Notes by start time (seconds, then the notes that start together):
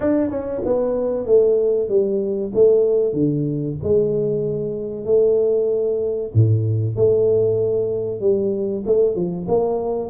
0.00 D4
0.30 C#4
0.65 B3
1.25 A3
1.88 G3
2.54 A3
3.13 D3
3.83 G#3
5.05 A3
6.33 A2
6.96 A3
8.20 G3
8.86 A3
9.15 F3
9.48 A#3